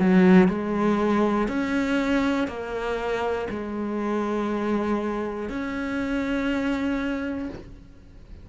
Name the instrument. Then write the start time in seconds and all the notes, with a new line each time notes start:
cello
0.00 F#3
0.49 G#3
1.48 C#4
2.48 A#3
3.50 G#3
5.49 C#4